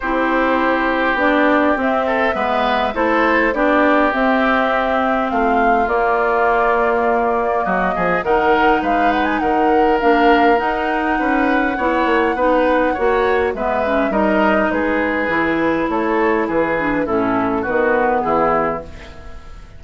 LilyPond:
<<
  \new Staff \with { instrumentName = "flute" } { \time 4/4 \tempo 4 = 102 c''2 d''4 e''4~ | e''4 c''4 d''4 e''4~ | e''4 f''4 d''2~ | d''4 dis''4 fis''4 f''8 fis''16 gis''16 |
fis''4 f''4 fis''2~ | fis''2. e''4 | dis''4 b'2 cis''4 | b'4 a'4 b'4 gis'4 | }
  \new Staff \with { instrumentName = "oboe" } { \time 4/4 g'2.~ g'8 a'8 | b'4 a'4 g'2~ | g'4 f'2.~ | f'4 fis'8 gis'8 ais'4 b'4 |
ais'2. b'4 | cis''4 b'4 cis''4 b'4 | ais'4 gis'2 a'4 | gis'4 e'4 fis'4 e'4 | }
  \new Staff \with { instrumentName = "clarinet" } { \time 4/4 e'2 d'4 c'4 | b4 e'4 d'4 c'4~ | c'2 ais2~ | ais2 dis'2~ |
dis'4 d'4 dis'2 | e'4 dis'4 fis'4 b8 cis'8 | dis'2 e'2~ | e'8 d'8 cis'4 b2 | }
  \new Staff \with { instrumentName = "bassoon" } { \time 4/4 c'2 b4 c'4 | gis4 a4 b4 c'4~ | c'4 a4 ais2~ | ais4 fis8 f8 dis4 gis4 |
dis4 ais4 dis'4 cis'4 | b8 ais8 b4 ais4 gis4 | g4 gis4 e4 a4 | e4 a,4 dis4 e4 | }
>>